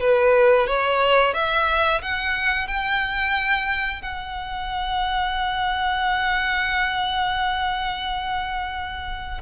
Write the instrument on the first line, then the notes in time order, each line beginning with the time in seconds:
violin
0.00 B4
0.67 C#5
1.34 E5
2.02 F#5
2.68 G5
4.02 F#5